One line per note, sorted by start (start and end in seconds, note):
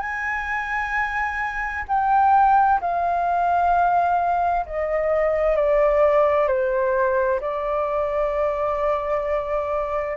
0.00 1.85 G#5
1.88 2.81 G5
2.81 4.66 F5
4.66 5.56 D#5
5.56 6.48 D5
6.48 7.40 C5
7.41 10.17 D5